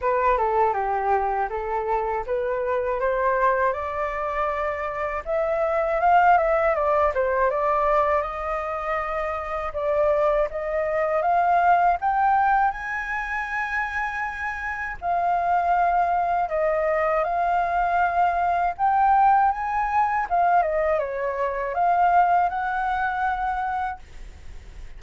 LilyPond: \new Staff \with { instrumentName = "flute" } { \time 4/4 \tempo 4 = 80 b'8 a'8 g'4 a'4 b'4 | c''4 d''2 e''4 | f''8 e''8 d''8 c''8 d''4 dis''4~ | dis''4 d''4 dis''4 f''4 |
g''4 gis''2. | f''2 dis''4 f''4~ | f''4 g''4 gis''4 f''8 dis''8 | cis''4 f''4 fis''2 | }